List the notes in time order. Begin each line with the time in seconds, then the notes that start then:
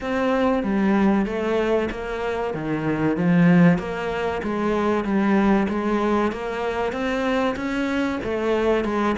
0.00 C4
0.63 G3
1.25 A3
1.90 A#3
2.53 D#3
3.16 F3
3.78 A#3
4.42 G#3
5.04 G3
5.68 G#3
6.32 A#3
6.92 C4
7.56 C#4
8.23 A3
8.84 G#3